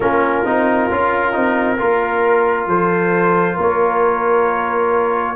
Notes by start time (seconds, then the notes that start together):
0.00 A#3 C#4 F4 A#4
0.45 C4 D#4
0.90 C#4 F4
1.32 C4 D#4
1.77 A#3 F4 A#4
2.67 F3 A4 C5
3.55 A#3 A#4 C#5